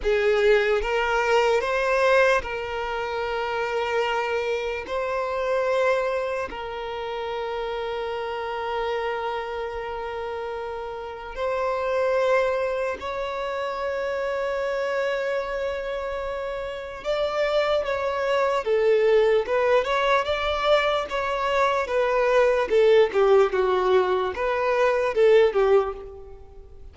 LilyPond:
\new Staff \with { instrumentName = "violin" } { \time 4/4 \tempo 4 = 74 gis'4 ais'4 c''4 ais'4~ | ais'2 c''2 | ais'1~ | ais'2 c''2 |
cis''1~ | cis''4 d''4 cis''4 a'4 | b'8 cis''8 d''4 cis''4 b'4 | a'8 g'8 fis'4 b'4 a'8 g'8 | }